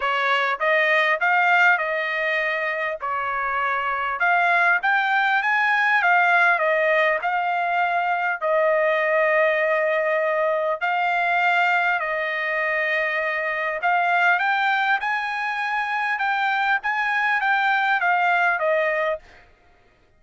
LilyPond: \new Staff \with { instrumentName = "trumpet" } { \time 4/4 \tempo 4 = 100 cis''4 dis''4 f''4 dis''4~ | dis''4 cis''2 f''4 | g''4 gis''4 f''4 dis''4 | f''2 dis''2~ |
dis''2 f''2 | dis''2. f''4 | g''4 gis''2 g''4 | gis''4 g''4 f''4 dis''4 | }